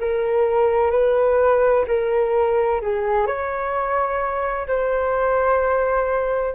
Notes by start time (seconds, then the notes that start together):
0.00 A#4
0.91 B4
1.87 A#4
2.81 G#4
3.26 C#5
4.67 C5